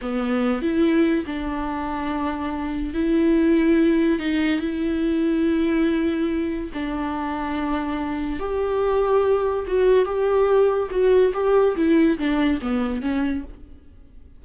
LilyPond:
\new Staff \with { instrumentName = "viola" } { \time 4/4 \tempo 4 = 143 b4. e'4. d'4~ | d'2. e'4~ | e'2 dis'4 e'4~ | e'1 |
d'1 | g'2. fis'4 | g'2 fis'4 g'4 | e'4 d'4 b4 cis'4 | }